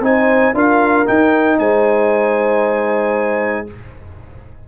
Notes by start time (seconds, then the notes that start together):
0.00 C4 D#4 C5 G#5
0.54 D4 F4 A#4 F5
1.06 D#4 G5
1.58 G#3 C5 G#5